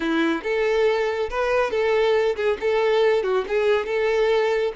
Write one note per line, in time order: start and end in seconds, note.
0.00 0.42 E4
0.43 1.29 A4
1.29 1.71 B4
1.71 2.35 A4
2.36 2.57 G#4
2.60 3.23 A4
3.23 3.45 F#4
3.48 3.86 G#4
3.86 4.72 A4